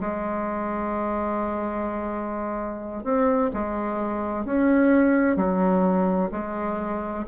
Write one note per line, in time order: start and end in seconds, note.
0.00 3.03 G#3
3.03 3.50 C4
3.53 4.44 G#3
4.44 5.36 C#4
5.36 6.29 F#3
6.31 7.25 G#3